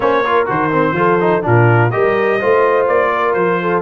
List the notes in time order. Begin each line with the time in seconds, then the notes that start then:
0.00 A#3 C#4 C5 C#5
0.24 F4 A#4
0.46 D#3 F#4 C5
0.71 C4
0.92 F3 F4 A4
1.20 D#4
1.42 A#2 D4 F4 A#4
1.91 G3 G4 A#4 D#5
2.38 A3 F4 C5
2.87 A#3 D5
3.14 A#4
3.33 F3 C5
3.61 A4